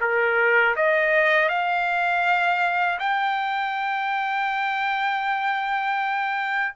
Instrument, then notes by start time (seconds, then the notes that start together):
trumpet
0.00 A#4
0.75 D#5
1.48 F5
2.99 G5